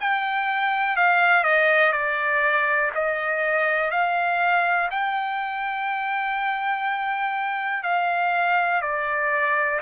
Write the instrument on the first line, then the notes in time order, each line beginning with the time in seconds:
trumpet
0.00 G5
0.97 F5
1.44 D#5
1.93 D5
2.95 D#5
3.91 F5
4.91 G5
7.83 F5
8.82 D5